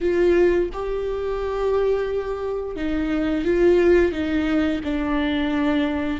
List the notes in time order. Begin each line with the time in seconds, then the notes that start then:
0.00 F4
0.72 G4
2.76 D#4
3.44 F4
4.12 D#4
4.84 D4